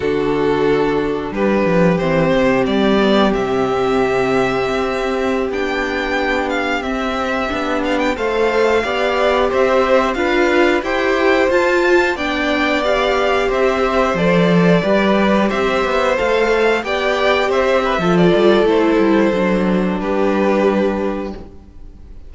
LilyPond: <<
  \new Staff \with { instrumentName = "violin" } { \time 4/4 \tempo 4 = 90 a'2 b'4 c''4 | d''4 e''2.~ | e''16 g''4. f''8 e''4. f''16 | g''16 f''2 e''4 f''8.~ |
f''16 g''4 a''4 g''4 f''8.~ | f''16 e''4 d''2 e''8.~ | e''16 f''4 g''4 e''4 d''8. | c''2 b'2 | }
  \new Staff \with { instrumentName = "violin" } { \time 4/4 fis'2 g'2~ | g'1~ | g'1~ | g'16 c''4 d''4 c''4 b'8.~ |
b'16 c''2 d''4.~ d''16~ | d''16 c''2 b'4 c''8.~ | c''4~ c''16 d''4 c''8 b'16 a'4~ | a'2 g'2 | }
  \new Staff \with { instrumentName = "viola" } { \time 4/4 d'2. c'4~ | c'8 b8 c'2.~ | c'16 d'2 c'4 d'8.~ | d'16 a'4 g'2 f'8.~ |
f'16 g'4 f'4 d'4 g'8.~ | g'4~ g'16 a'4 g'4.~ g'16~ | g'16 a'4 g'4.~ g'16 f'4 | e'4 d'2. | }
  \new Staff \with { instrumentName = "cello" } { \time 4/4 d2 g8 f8 e8 c8 | g4 c2 c'4~ | c'16 b2 c'4 b8.~ | b16 a4 b4 c'4 d'8.~ |
d'16 e'4 f'4 b4.~ b16~ | b16 c'4 f4 g4 c'8 b16~ | b16 a4 b4 c'8. f8 g8 | a8 g8 fis4 g2 | }
>>